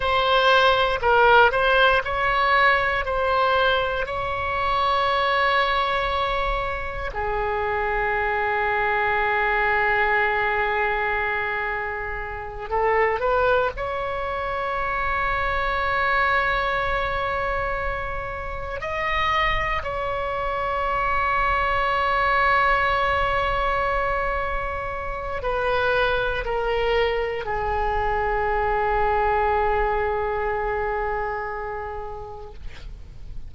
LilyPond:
\new Staff \with { instrumentName = "oboe" } { \time 4/4 \tempo 4 = 59 c''4 ais'8 c''8 cis''4 c''4 | cis''2. gis'4~ | gis'1~ | gis'8 a'8 b'8 cis''2~ cis''8~ |
cis''2~ cis''8 dis''4 cis''8~ | cis''1~ | cis''4 b'4 ais'4 gis'4~ | gis'1 | }